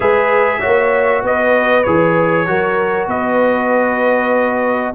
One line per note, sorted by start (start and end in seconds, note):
0.00 0.62 G#3
0.00 0.60 G#4
0.00 0.59 B4
0.00 1.24 E5
0.60 1.23 A#3
0.60 1.84 F#4
0.60 1.22 C#5
1.23 1.84 B3
1.23 2.48 B4
1.23 1.83 D#5
1.83 2.47 E3
1.83 2.46 G#4
1.83 3.07 C#5
2.46 3.07 F#3
2.46 4.94 F#4
2.46 3.08 A#4
3.07 4.93 B3
3.07 4.94 B4
3.07 4.94 D#5